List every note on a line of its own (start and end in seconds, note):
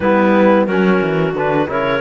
0.00 0.67 G3
0.00 0.68 B3
0.00 0.66 E4
0.00 0.66 B4
0.66 1.00 F#3
0.66 1.35 C#4
0.66 1.67 F#4
0.66 1.33 A#4
1.01 1.33 E3
1.33 1.67 D3
1.33 1.67 D4
1.33 1.69 B4
1.67 2.00 C#3
1.67 2.00 E4
1.67 2.00 A#4
1.67 2.00 C#5